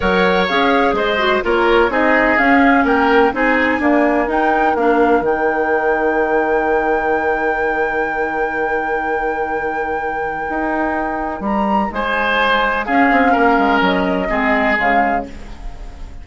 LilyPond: <<
  \new Staff \with { instrumentName = "flute" } { \time 4/4 \tempo 4 = 126 fis''4 f''4 dis''4 cis''4 | dis''4 f''4 g''4 gis''4~ | gis''4 g''4 f''4 g''4~ | g''1~ |
g''1~ | g''1 | ais''4 gis''2 f''4~ | f''4 dis''2 f''4 | }
  \new Staff \with { instrumentName = "oboe" } { \time 4/4 cis''2 c''4 ais'4 | gis'2 ais'4 gis'4 | ais'1~ | ais'1~ |
ais'1~ | ais'1~ | ais'4 c''2 gis'4 | ais'2 gis'2 | }
  \new Staff \with { instrumentName = "clarinet" } { \time 4/4 ais'4 gis'4. fis'8 f'4 | dis'4 cis'2 dis'4 | ais4 dis'4 d'4 dis'4~ | dis'1~ |
dis'1~ | dis'1~ | dis'2. cis'4~ | cis'2 c'4 gis4 | }
  \new Staff \with { instrumentName = "bassoon" } { \time 4/4 fis4 cis'4 gis4 ais4 | c'4 cis'4 ais4 c'4 | d'4 dis'4 ais4 dis4~ | dis1~ |
dis1~ | dis2 dis'2 | g4 gis2 cis'8 c'8 | ais8 gis8 fis4 gis4 cis4 | }
>>